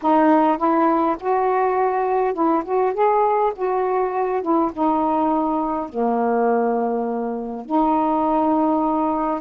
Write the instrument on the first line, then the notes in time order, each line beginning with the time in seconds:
saxophone
0.02 D#4
0.57 E4
1.20 F#4
2.33 E4
2.64 F#4
2.93 G#4
3.55 F#4
4.41 E4
4.72 D#4
5.89 A#3
7.65 D#4